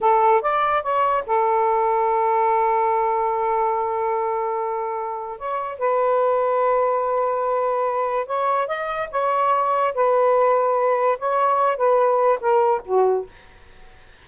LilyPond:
\new Staff \with { instrumentName = "saxophone" } { \time 4/4 \tempo 4 = 145 a'4 d''4 cis''4 a'4~ | a'1~ | a'1~ | a'4 cis''4 b'2~ |
b'1 | cis''4 dis''4 cis''2 | b'2. cis''4~ | cis''8 b'4. ais'4 fis'4 | }